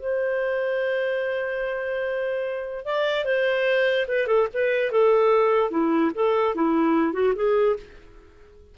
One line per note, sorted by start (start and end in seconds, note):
0.00 2.85 C5
2.85 3.25 D5
3.25 4.06 C5
4.08 4.27 B4
4.27 4.48 A4
4.54 4.92 B4
4.92 5.71 A4
5.71 6.12 E4
6.15 6.55 A4
6.55 7.14 E4
7.14 7.34 F#4
7.36 7.76 G#4